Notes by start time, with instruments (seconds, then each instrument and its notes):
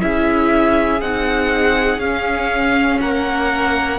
0.00 cello C#4, viola E4, violin G#4 E5
1.02 cello C4, viola D#4, violin F#5
1.98 cello C#4, viola C#4, violin F5
3.01 cello A#3, violin A#4 F#5